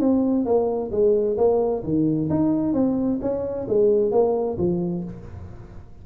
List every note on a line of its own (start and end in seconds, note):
0.00 0.45 C4
0.45 0.91 A#3
0.91 1.37 G#3
1.38 1.83 A#3
1.83 2.29 D#3
2.30 2.74 D#4
2.74 3.20 C4
3.22 3.67 C#4
3.68 4.12 G#3
4.12 4.57 A#3
4.58 5.04 F3